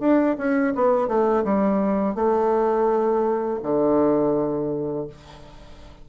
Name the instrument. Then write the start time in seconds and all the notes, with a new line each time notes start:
bassoon
0.00 D4
0.38 C#4
0.75 B3
1.08 A3
1.44 G3
2.15 A3
3.63 D3